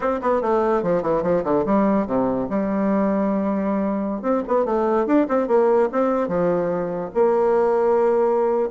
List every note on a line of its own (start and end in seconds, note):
0.00 0.20 C4
0.21 0.41 B3
0.41 0.82 A3
0.82 1.02 F3
1.02 1.22 E3
1.22 1.43 F3
1.44 1.65 D3
1.65 2.07 G3
2.07 2.48 C3
2.49 4.22 G3
4.22 4.42 C4
4.47 4.65 B3
4.65 5.06 A3
5.06 5.27 D4
5.28 5.47 C4
5.47 5.89 A#3
5.92 6.27 C4
6.27 7.10 F3
7.14 8.69 A#3